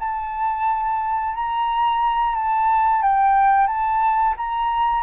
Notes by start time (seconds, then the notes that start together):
0.00 A5
1.35 A#5
2.36 A5
3.02 G5
3.67 A5
4.38 A#5